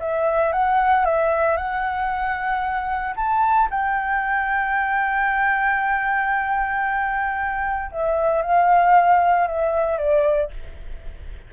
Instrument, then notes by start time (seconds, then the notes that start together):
flute
0.00 E5
0.53 F#5
1.05 E5
1.57 F#5
3.16 A5
3.70 G5
7.91 E5
8.42 F5
9.47 E5
9.98 D5